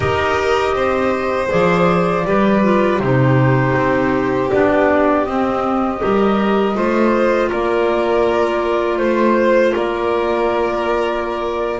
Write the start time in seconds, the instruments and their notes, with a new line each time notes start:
0.00 double bass D#4, clarinet G4, violin A#4, flute D#5
0.73 double bass C4, violin C5
1.48 double bass F3, clarinet G#4, flute D5
2.25 double bass G3, clarinet G4, violin B4
2.62 clarinet F4
2.99 double bass C3, clarinet D#4, violin G4, flute C5
3.75 double bass C4
4.50 double bass B3, clarinet D4, flute D5
5.25 clarinet C4, double bass C4, flute D#5
5.97 clarinet G4, violin A#4
6.03 double bass G3
6.74 double bass A3, clarinet F4, violin C5
7.49 double bass A#3, violin A#4, flute D5
8.97 double bass A3, flute C5, violin C5
9.74 double bass A#3, violin A#4, flute D5